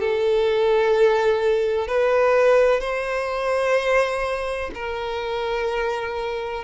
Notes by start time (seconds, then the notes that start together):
0.00 A4
1.88 B4
2.81 C5
4.74 A#4